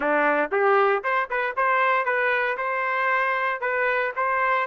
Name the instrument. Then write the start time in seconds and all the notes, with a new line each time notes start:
trumpet
0.00 D4
0.51 G4
1.03 C5
1.29 B4
1.56 C5
2.05 B4
2.57 C5
3.60 B4
4.15 C5